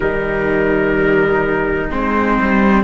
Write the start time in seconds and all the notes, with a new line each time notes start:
0.00 D#3 G3 D#4 A#4
1.90 G#3 C4 C5
2.41 G3